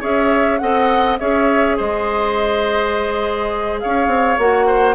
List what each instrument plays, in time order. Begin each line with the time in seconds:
0.00 bassoon C#4, clarinet G#4, oboe C#5, flute E5
0.58 bassoon C4, clarinet A4, oboe D#5, flute F#5
1.18 bassoon C#4, clarinet G#4, oboe C#5, flute E5
1.77 bassoon G#3, oboe C5, flute D#5
3.80 bassoon C#4, oboe C#5, flute F5
4.07 bassoon C4
4.38 bassoon A#3, clarinet F#4, flute F#5
4.66 oboe C5